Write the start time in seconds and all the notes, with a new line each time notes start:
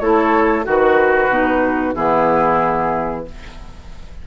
0.00 A3 E4 A4 C#5
0.64 D#3 F#4 B4
1.29 B2 D#4
1.95 E3 B3 E4 G#4